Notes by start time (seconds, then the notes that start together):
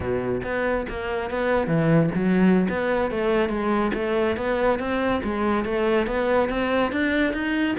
0.00 B2
0.43 B3
0.89 A#3
1.30 B3
1.67 E3
2.14 F#3
2.69 B3
3.10 A3
3.49 G#3
3.94 A3
4.36 B3
4.79 C4
5.23 G#3
5.64 A3
6.07 B3
6.49 C4
6.92 D4
7.33 D#4